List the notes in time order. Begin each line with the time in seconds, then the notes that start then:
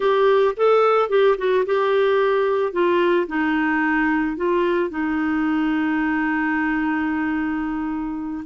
0.00 G4
0.56 A4
1.09 G4
1.37 F#4
1.65 G4
2.72 F4
3.27 D#4
4.36 F4
4.90 D#4